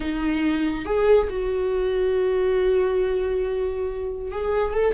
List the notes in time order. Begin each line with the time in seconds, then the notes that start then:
0.00 D#4
0.85 G#4
1.29 F#4
4.31 G#4
4.73 A4